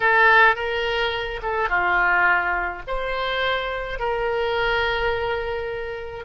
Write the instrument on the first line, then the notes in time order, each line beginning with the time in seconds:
oboe
0.00 A4
0.55 A#4
1.42 A4
1.69 F4
2.87 C5
3.99 A#4